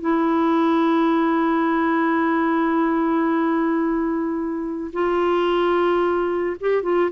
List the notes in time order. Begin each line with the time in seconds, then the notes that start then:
0.00 E4
4.92 F4
6.60 G4
6.83 F4